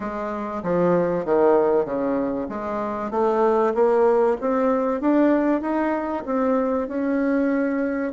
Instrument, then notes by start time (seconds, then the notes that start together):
bassoon
0.00 G#3
0.63 F3
1.25 D#3
1.85 C#3
2.48 G#3
3.11 A3
3.74 A#3
4.40 C4
5.00 D4
5.61 D#4
6.25 C4
6.88 C#4